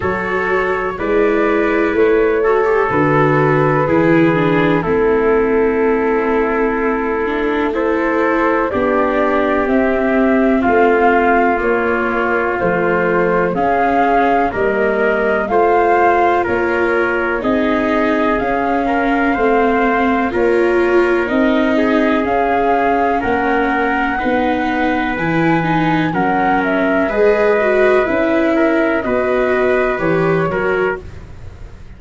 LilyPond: <<
  \new Staff \with { instrumentName = "flute" } { \time 4/4 \tempo 4 = 62 cis''4 d''4 cis''4 b'4~ | b'4 a'2. | c''4 d''4 e''4 f''4 | cis''4 c''4 f''4 dis''4 |
f''4 cis''4 dis''4 f''4~ | f''4 cis''4 dis''4 f''4 | fis''2 gis''4 fis''8 e''8 | dis''4 e''4 dis''4 cis''4 | }
  \new Staff \with { instrumentName = "trumpet" } { \time 4/4 a'4 b'4. a'4. | gis'4 e'2. | a'4 g'2 f'4~ | f'2 gis'4 ais'4 |
c''4 ais'4 gis'4. ais'8 | c''4 ais'4. gis'4. | ais'4 b'2 ais'4 | b'4. ais'8 b'4. ais'8 | }
  \new Staff \with { instrumentName = "viola" } { \time 4/4 fis'4 e'4. fis'16 g'16 fis'4 | e'8 d'8 c'2~ c'8 d'8 | e'4 d'4 c'2 | ais4 a4 cis'4 ais4 |
f'2 dis'4 cis'4 | c'4 f'4 dis'4 cis'4~ | cis'4 dis'4 e'8 dis'8 cis'4 | gis'8 fis'8 e'4 fis'4 g'8 fis'8 | }
  \new Staff \with { instrumentName = "tuba" } { \time 4/4 fis4 gis4 a4 d4 | e4 a2.~ | a4 b4 c'4 a4 | ais4 f4 cis'4 g4 |
a4 ais4 c'4 cis'4 | a4 ais4 c'4 cis'4 | ais4 b4 e4 fis4 | gis4 cis'4 b4 e8 fis8 | }
>>